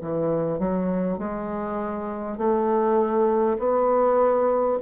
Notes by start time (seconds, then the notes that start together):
0.00 E3
0.58 F#3
1.17 G#3
2.37 A3
3.58 B3